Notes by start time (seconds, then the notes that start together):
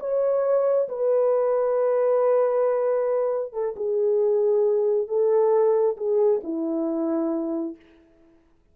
0.00 C#5
0.89 B4
3.53 A4
3.76 G#4
5.08 A4
5.97 G#4
6.44 E4